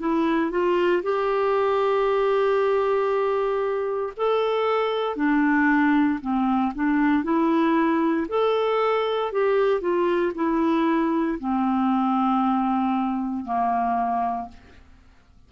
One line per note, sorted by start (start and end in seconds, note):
0.00 0.51 E4
0.51 1.03 F4
1.03 4.14 G4
4.18 5.17 A4
5.17 6.20 D4
6.22 6.73 C4
6.75 7.24 D4
7.24 8.28 E4
8.29 9.32 A4
9.32 9.81 G4
9.81 10.33 F4
10.35 11.39 E4
11.40 13.45 C4
13.45 14.49 A#3